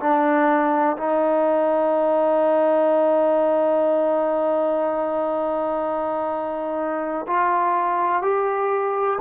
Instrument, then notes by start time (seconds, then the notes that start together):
trombone
0.00 D4
0.97 D#4
7.27 F4
8.22 G4